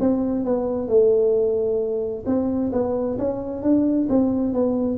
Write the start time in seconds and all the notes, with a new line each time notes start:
0.00 C4
0.45 B3
0.88 A3
2.26 C4
2.72 B3
3.19 C#4
3.62 D4
4.10 C4
4.53 B3